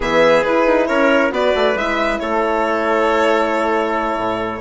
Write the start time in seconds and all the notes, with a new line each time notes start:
0.00 E3 B3 G#4 E5
0.43 E4 B4
0.66 D#4
0.86 C#4 A#4 C#5
1.31 B3 F#4 B4 D5
1.55 A3
1.75 G#3 E4 E5
2.19 A3 A4 C#5
4.16 A2